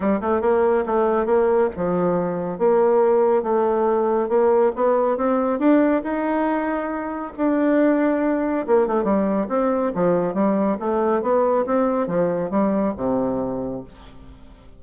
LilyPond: \new Staff \with { instrumentName = "bassoon" } { \time 4/4 \tempo 4 = 139 g8 a8 ais4 a4 ais4 | f2 ais2 | a2 ais4 b4 | c'4 d'4 dis'2~ |
dis'4 d'2. | ais8 a8 g4 c'4 f4 | g4 a4 b4 c'4 | f4 g4 c2 | }